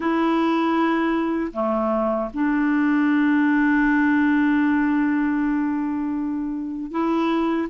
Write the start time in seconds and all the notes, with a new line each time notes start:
0.00 E4
1.52 A3
2.33 D4
6.91 E4